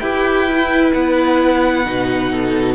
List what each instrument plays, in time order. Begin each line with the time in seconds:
0.00 cello E4, viola G4, violin B4 G5
0.48 viola E4
0.94 cello B3, violin F#5
1.85 cello B2, viola D#4
2.32 violin A4